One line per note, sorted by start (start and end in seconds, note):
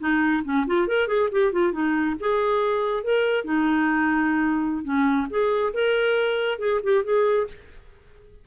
0.00 0.43 D#4
0.45 0.66 C#4
0.67 0.88 F4
0.88 1.08 A#4
1.08 1.29 G#4
1.32 1.52 G4
1.52 1.73 F4
1.73 2.16 D#4
2.21 3.04 G#4
3.04 3.45 A#4
3.45 4.84 D#4
4.84 5.28 C#4
5.30 5.74 G#4
5.74 6.59 A#4
6.59 6.81 G#4
6.83 7.04 G4
7.04 7.47 G#4